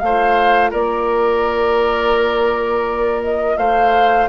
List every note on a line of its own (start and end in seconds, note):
0.00 0.74 A3
0.00 4.29 F4
0.00 0.71 C5
0.00 0.71 F5
0.71 3.58 A#3
0.71 3.57 A#4
0.71 3.23 D5
3.24 3.58 D#5
3.58 4.29 A3
3.58 4.29 C5
3.58 4.29 F5